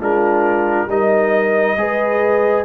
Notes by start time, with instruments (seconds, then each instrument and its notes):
0.00 tuba G#3, trombone D4, horn F4, trumpet A#4
0.88 tuba G3, trombone D#4, horn A#4, trumpet D#5
1.76 tuba G#3, trombone G#4, horn B4